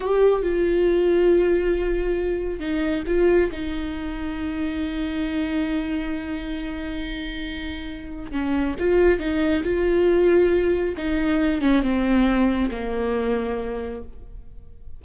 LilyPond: \new Staff \with { instrumentName = "viola" } { \time 4/4 \tempo 4 = 137 g'4 f'2.~ | f'2 dis'4 f'4 | dis'1~ | dis'1~ |
dis'2. cis'4 | f'4 dis'4 f'2~ | f'4 dis'4. cis'8 c'4~ | c'4 ais2. | }